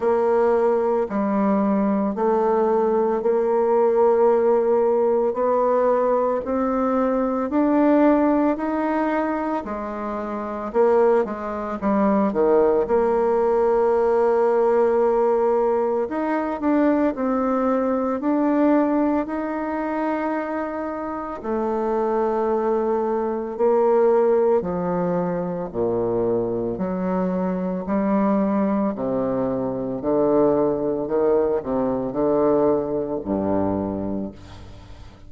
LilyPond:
\new Staff \with { instrumentName = "bassoon" } { \time 4/4 \tempo 4 = 56 ais4 g4 a4 ais4~ | ais4 b4 c'4 d'4 | dis'4 gis4 ais8 gis8 g8 dis8 | ais2. dis'8 d'8 |
c'4 d'4 dis'2 | a2 ais4 f4 | ais,4 fis4 g4 c4 | d4 dis8 c8 d4 g,4 | }